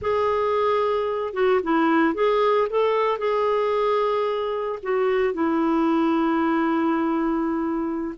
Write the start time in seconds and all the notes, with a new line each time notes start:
0.01 G#4
1.33 F#4
1.63 E4
2.14 G#4
2.69 A4
3.18 G#4
4.82 F#4
5.33 E4